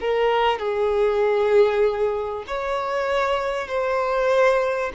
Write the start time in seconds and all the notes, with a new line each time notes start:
0.00 A#4
0.59 G#4
2.47 C#5
3.68 C5